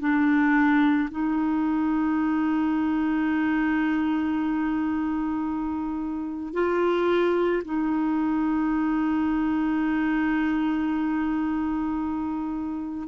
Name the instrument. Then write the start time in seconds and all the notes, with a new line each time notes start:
clarinet
0.00 D4
1.11 D#4
6.54 F4
7.65 D#4